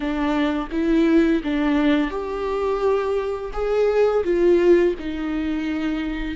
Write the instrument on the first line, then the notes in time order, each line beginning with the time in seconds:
viola
0.00 D4
0.71 E4
1.43 D4
2.10 G4
3.53 G#4
4.24 F4
4.99 D#4